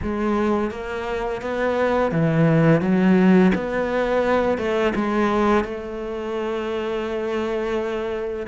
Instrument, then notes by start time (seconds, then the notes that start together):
cello
0.02 G#3
0.71 A#3
1.41 B3
2.11 E3
2.81 F#3
3.54 B3
4.58 A3
4.95 G#3
5.64 A3